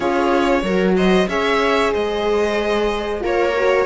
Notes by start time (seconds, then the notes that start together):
0.00 C#4 F4 G#4 C#5
0.62 F#3 F#4 A#4
0.96 C5 D#5
1.28 C#4 G#4 C#5 E5
1.92 G#3 C5 D#5
3.20 A#3 F4 A#4 C#5
3.56 F#4